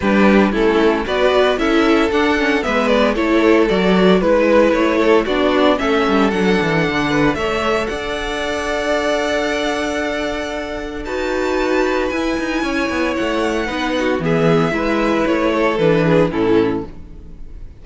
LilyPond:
<<
  \new Staff \with { instrumentName = "violin" } { \time 4/4 \tempo 4 = 114 b'4 a'4 d''4 e''4 | fis''4 e''8 d''8 cis''4 d''4 | b'4 cis''4 d''4 e''4 | fis''2 e''4 fis''4~ |
fis''1~ | fis''4 a''2 gis''4~ | gis''4 fis''2 e''4~ | e''4 cis''4 b'4 a'4 | }
  \new Staff \with { instrumentName = "violin" } { \time 4/4 g'4 e'4 b'4 a'4~ | a'4 b'4 a'2 | b'4. a'8 fis'4 a'4~ | a'4. b'8 cis''4 d''4~ |
d''1~ | d''4 b'2. | cis''2 b'8 fis'8 gis'4 | b'4. a'4 gis'8 e'4 | }
  \new Staff \with { instrumentName = "viola" } { \time 4/4 d'4 cis'4 fis'4 e'4 | d'8 cis'8 b4 e'4 fis'4 | e'2 d'4 cis'4 | d'2 a'2~ |
a'1~ | a'4 fis'2 e'4~ | e'2 dis'4 b4 | e'2 d'4 cis'4 | }
  \new Staff \with { instrumentName = "cello" } { \time 4/4 g4 a4 b4 cis'4 | d'4 gis4 a4 fis4 | gis4 a4 b4 a8 g8 | fis8 e8 d4 a4 d'4~ |
d'1~ | d'4 dis'2 e'8 dis'8 | cis'8 b8 a4 b4 e4 | gis4 a4 e4 a,4 | }
>>